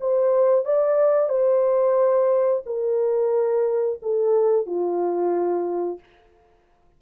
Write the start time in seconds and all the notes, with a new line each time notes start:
0.00 C5
0.65 D5
1.29 C5
2.66 A#4
4.02 A4
4.66 F4